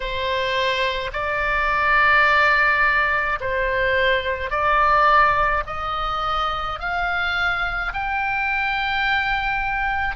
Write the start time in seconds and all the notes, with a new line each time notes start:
0.00 C5
1.13 D5
3.40 C5
4.50 D5
5.66 D#5
6.79 F5
7.92 G5